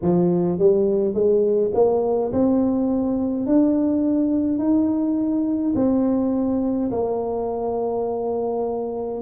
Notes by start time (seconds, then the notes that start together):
0.02 F3
0.58 G3
1.13 G#3
1.74 A#3
2.32 C4
3.46 D4
4.58 D#4
5.75 C4
6.91 A#3